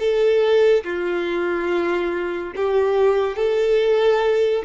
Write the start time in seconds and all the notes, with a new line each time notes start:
0.00 A4
0.85 F4
2.56 G4
3.36 A4